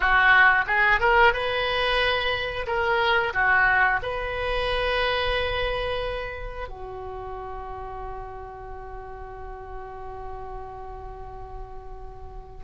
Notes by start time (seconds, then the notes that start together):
0.00 F#4
0.67 G#4
1.00 A#4
1.33 B4
2.66 A#4
3.33 F#4
4.02 B4
6.68 F#4